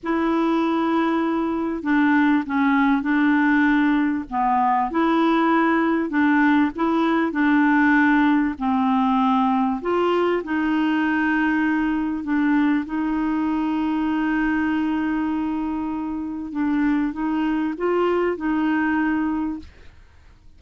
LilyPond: \new Staff \with { instrumentName = "clarinet" } { \time 4/4 \tempo 4 = 98 e'2. d'4 | cis'4 d'2 b4 | e'2 d'4 e'4 | d'2 c'2 |
f'4 dis'2. | d'4 dis'2.~ | dis'2. d'4 | dis'4 f'4 dis'2 | }